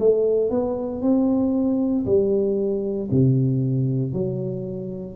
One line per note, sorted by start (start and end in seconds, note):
0.00 0.51 A3
0.51 1.03 B3
1.03 2.06 C4
2.06 3.10 G3
3.11 4.14 C3
4.14 5.16 F#3